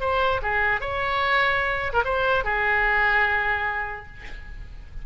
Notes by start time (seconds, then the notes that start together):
0.00 C5
0.42 G#4
0.80 C#5
1.93 A#4
2.04 C5
2.44 G#4